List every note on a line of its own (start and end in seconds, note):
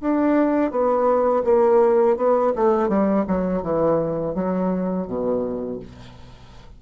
0.00 0.70 D4
0.70 1.43 B3
1.44 2.16 A#3
2.16 2.52 B3
2.55 2.88 A3
2.88 3.24 G3
3.27 3.62 F#3
3.62 4.34 E3
4.34 5.06 F#3
5.07 5.79 B2